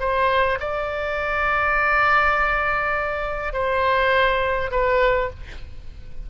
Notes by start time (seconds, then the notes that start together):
0.00 C5
0.59 D5
3.53 C5
4.71 B4